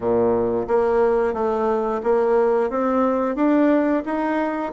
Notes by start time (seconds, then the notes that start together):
0.00 A#2
0.67 A#3
1.33 A3
2.03 A#3
2.70 C4
3.35 D4
4.04 D#4